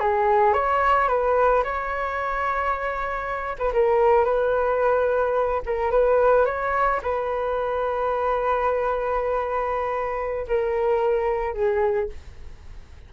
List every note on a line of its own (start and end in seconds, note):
0.00 0.54 G#4
0.54 1.09 C#5
1.09 1.64 B4
1.64 3.57 C#5
3.59 3.73 B4
3.73 4.25 A#4
4.25 5.63 B4
5.66 5.91 A#4
5.91 6.46 B4
6.46 7.01 C#5
7.03 10.47 B4
10.48 11.54 A#4
11.54 12.09 G#4